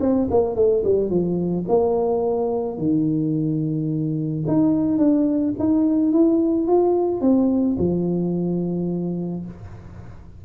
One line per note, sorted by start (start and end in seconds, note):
0.00 0.28 C4
0.31 0.55 A#3
0.55 0.83 A3
0.84 1.10 G3
1.10 1.65 F3
1.68 2.78 A#3
2.78 4.45 D#3
4.47 4.98 D#4
4.98 5.54 D4
5.59 6.12 D#4
6.12 6.67 E4
6.67 7.21 F4
7.21 7.77 C4
7.79 9.45 F3